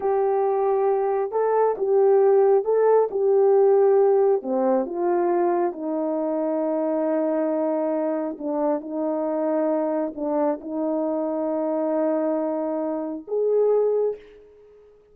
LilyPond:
\new Staff \with { instrumentName = "horn" } { \time 4/4 \tempo 4 = 136 g'2. a'4 | g'2 a'4 g'4~ | g'2 c'4 f'4~ | f'4 dis'2.~ |
dis'2. d'4 | dis'2. d'4 | dis'1~ | dis'2 gis'2 | }